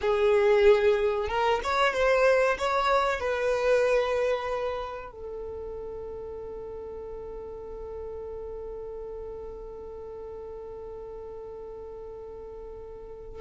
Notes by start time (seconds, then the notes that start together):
0.01 G#4
1.28 A#4
1.63 C#5
1.93 C5
2.58 C#5
3.19 B4
5.11 A4